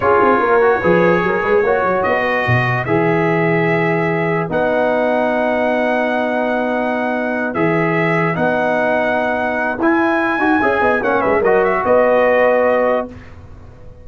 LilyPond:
<<
  \new Staff \with { instrumentName = "trumpet" } { \time 4/4 \tempo 4 = 147 cis''1~ | cis''4 dis''2 e''4~ | e''2. fis''4~ | fis''1~ |
fis''2~ fis''8 e''4.~ | e''8 fis''2.~ fis''8 | gis''2. fis''8 e''8 | dis''8 e''8 dis''2. | }
  \new Staff \with { instrumentName = "horn" } { \time 4/4 gis'4 ais'4 b'4 ais'8 b'8 | cis''4. b'2~ b'8~ | b'1~ | b'1~ |
b'1~ | b'1~ | b'2 e''8 dis''8 cis''8 b'8 | ais'4 b'2. | }
  \new Staff \with { instrumentName = "trombone" } { \time 4/4 f'4. fis'8 gis'2 | fis'2. gis'4~ | gis'2. dis'4~ | dis'1~ |
dis'2~ dis'8 gis'4.~ | gis'8 dis'2.~ dis'8 | e'4. fis'8 gis'4 cis'4 | fis'1 | }
  \new Staff \with { instrumentName = "tuba" } { \time 4/4 cis'8 c'8 ais4 f4 fis8 gis8 | ais8 fis8 b4 b,4 e4~ | e2. b4~ | b1~ |
b2~ b8 e4.~ | e8 b2.~ b8 | e'4. dis'8 cis'8 b8 ais8 gis8 | fis4 b2. | }
>>